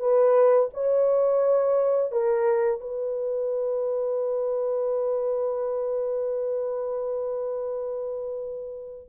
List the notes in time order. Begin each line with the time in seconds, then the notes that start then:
0.00 B4
0.74 C#5
2.12 A#4
2.81 B4